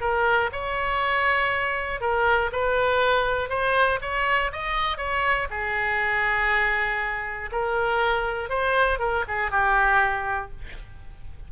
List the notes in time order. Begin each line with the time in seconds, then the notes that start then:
0.00 A#4
0.52 C#5
2.00 A#4
2.52 B4
3.49 C5
4.01 C#5
4.52 D#5
4.97 C#5
5.50 G#4
7.52 A#4
8.49 C5
8.99 A#4
9.28 G#4
9.51 G4